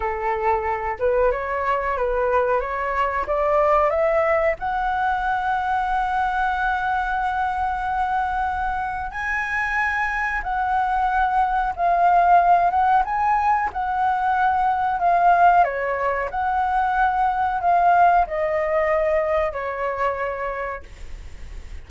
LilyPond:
\new Staff \with { instrumentName = "flute" } { \time 4/4 \tempo 4 = 92 a'4. b'8 cis''4 b'4 | cis''4 d''4 e''4 fis''4~ | fis''1~ | fis''2 gis''2 |
fis''2 f''4. fis''8 | gis''4 fis''2 f''4 | cis''4 fis''2 f''4 | dis''2 cis''2 | }